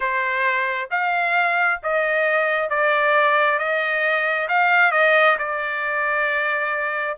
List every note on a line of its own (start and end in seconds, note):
0.00 0.89 C5
0.90 1.80 F5
1.82 2.69 D#5
2.69 3.58 D5
3.58 4.48 D#5
4.48 4.91 F5
4.91 5.36 D#5
5.38 7.17 D5